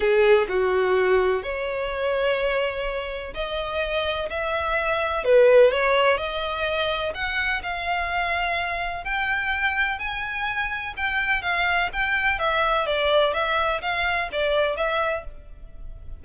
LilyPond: \new Staff \with { instrumentName = "violin" } { \time 4/4 \tempo 4 = 126 gis'4 fis'2 cis''4~ | cis''2. dis''4~ | dis''4 e''2 b'4 | cis''4 dis''2 fis''4 |
f''2. g''4~ | g''4 gis''2 g''4 | f''4 g''4 e''4 d''4 | e''4 f''4 d''4 e''4 | }